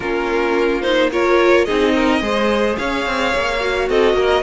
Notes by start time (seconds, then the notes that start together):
0.00 A#3 C#4 F4 A#4
0.81 D#4 C5
1.11 F4 A#4 C#5
1.64 C4 D#4 G#4 D#5
1.94 A#4
2.20 G#3 G#4 C5
2.77 C#4 C#5 F5
3.06 C4
3.34 A#3
3.60 F#4
3.88 C4 A4 D#5
4.13 A#3 A#4